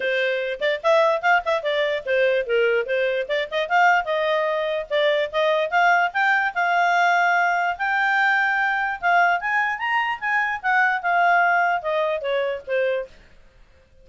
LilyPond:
\new Staff \with { instrumentName = "clarinet" } { \time 4/4 \tempo 4 = 147 c''4. d''8 e''4 f''8 e''8 | d''4 c''4 ais'4 c''4 | d''8 dis''8 f''4 dis''2 | d''4 dis''4 f''4 g''4 |
f''2. g''4~ | g''2 f''4 gis''4 | ais''4 gis''4 fis''4 f''4~ | f''4 dis''4 cis''4 c''4 | }